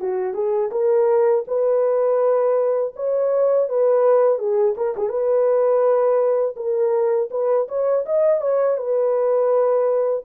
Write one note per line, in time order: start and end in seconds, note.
0.00 0.34 F#4
0.34 0.70 G#4
0.71 1.44 A#4
1.47 2.93 B4
2.96 3.69 C#5
3.69 4.38 B4
4.38 4.75 G#4
4.77 4.95 A#4
4.96 5.09 G#4
5.09 6.55 B4
6.56 7.29 A#4
7.30 7.67 B4
7.68 8.05 C#5
8.06 8.41 D#5
8.41 8.77 C#5
8.77 10.23 B4